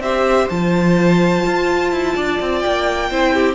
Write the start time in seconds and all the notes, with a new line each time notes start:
0.00 C4 G4 C5 E5
0.50 F3 F4 A5
1.46 F4
1.92 E4
2.15 D4 D5
2.41 C4
2.60 G5
2.66 A#3
3.10 C4 E4 C5
3.34 G4